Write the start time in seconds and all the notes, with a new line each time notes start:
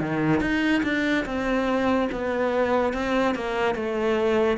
0.00 D#3
0.40 D#4
0.83 D4
1.25 C4
2.11 B3
2.93 C4
3.34 A#3
3.75 A3